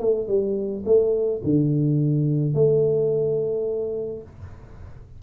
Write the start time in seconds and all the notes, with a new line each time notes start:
0.00 A3
0.28 G3
0.86 A3
1.44 D3
2.55 A3